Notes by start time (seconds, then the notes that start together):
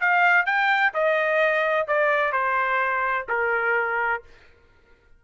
0.00 F5
0.46 G5
0.93 D#5
1.87 D5
2.32 C5
3.29 A#4